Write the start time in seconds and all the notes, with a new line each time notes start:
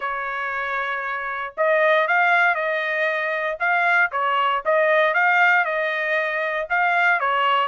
0.00 C#5
1.57 D#5
2.07 F5
2.54 D#5
3.59 F5
4.11 C#5
4.65 D#5
5.14 F5
5.64 D#5
6.69 F5
7.19 C#5